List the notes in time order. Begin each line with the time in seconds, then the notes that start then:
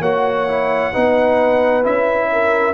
0.00 A#3 F#4 C#5 F#5
0.49 E4
0.92 B3 D#4 B4
1.83 C#4 E4 E5
2.33 A#4